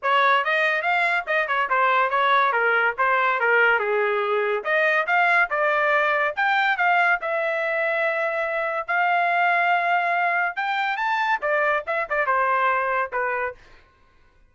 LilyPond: \new Staff \with { instrumentName = "trumpet" } { \time 4/4 \tempo 4 = 142 cis''4 dis''4 f''4 dis''8 cis''8 | c''4 cis''4 ais'4 c''4 | ais'4 gis'2 dis''4 | f''4 d''2 g''4 |
f''4 e''2.~ | e''4 f''2.~ | f''4 g''4 a''4 d''4 | e''8 d''8 c''2 b'4 | }